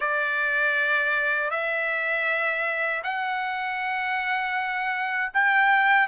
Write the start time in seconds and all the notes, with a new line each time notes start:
0.00 D5
1.50 E5
3.03 F#5
5.33 G5